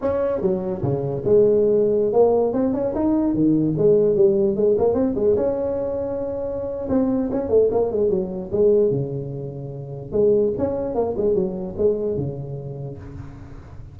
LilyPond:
\new Staff \with { instrumentName = "tuba" } { \time 4/4 \tempo 4 = 148 cis'4 fis4 cis4 gis4~ | gis4~ gis16 ais4 c'8 cis'8 dis'8.~ | dis'16 dis4 gis4 g4 gis8 ais16~ | ais16 c'8 gis8 cis'2~ cis'8.~ |
cis'4 c'4 cis'8 a8 ais8 gis8 | fis4 gis4 cis2~ | cis4 gis4 cis'4 ais8 gis8 | fis4 gis4 cis2 | }